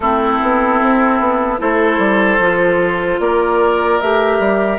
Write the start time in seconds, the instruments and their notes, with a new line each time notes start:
0.00 bassoon A3, clarinet C4, oboe E4, flute A4
0.41 bassoon B3
0.81 bassoon C4
1.19 bassoon B3
1.58 bassoon A3, clarinet E4, oboe A4, flute C5
1.98 bassoon G3
2.38 bassoon F3, clarinet F4
3.19 bassoon A#3, oboe A#4, flute D5
4.00 bassoon A3, clarinet G4, flute E5
4.39 bassoon G3